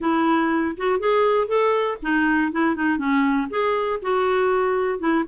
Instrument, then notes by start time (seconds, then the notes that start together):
clarinet
0.00 E4
0.77 F#4
0.99 G#4
1.47 A4
2.02 D#4
2.51 E4
2.75 D#4
2.97 C#4
3.50 G#4
4.01 F#4
4.99 E4